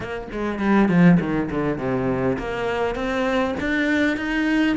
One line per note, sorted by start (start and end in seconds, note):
0.00 0.27 A#3
0.32 0.59 G#3
0.59 0.89 G3
0.89 1.18 F3
1.20 1.49 D#3
1.50 1.78 D3
1.78 2.37 C3
2.38 2.95 A#3
2.95 3.54 C4
3.60 4.16 D4
4.16 4.76 D#4